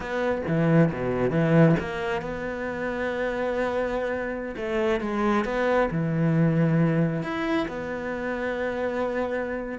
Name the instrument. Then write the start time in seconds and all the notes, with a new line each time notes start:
cello
0.00 B3
0.47 E3
0.92 B2
1.30 E3
1.79 A#3
2.21 B3
4.56 A3
5.00 G#3
5.44 B3
5.91 E3
7.22 E4
7.67 B3